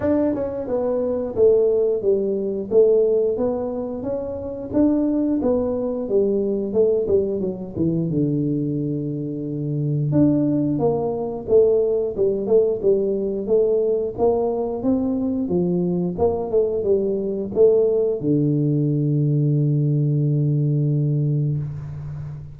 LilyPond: \new Staff \with { instrumentName = "tuba" } { \time 4/4 \tempo 4 = 89 d'8 cis'8 b4 a4 g4 | a4 b4 cis'4 d'4 | b4 g4 a8 g8 fis8 e8 | d2. d'4 |
ais4 a4 g8 a8 g4 | a4 ais4 c'4 f4 | ais8 a8 g4 a4 d4~ | d1 | }